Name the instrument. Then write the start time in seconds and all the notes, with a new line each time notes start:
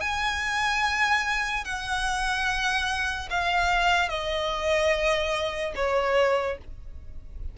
violin
0.00 G#5
1.64 F#5
3.30 F5
4.08 D#5
5.75 C#5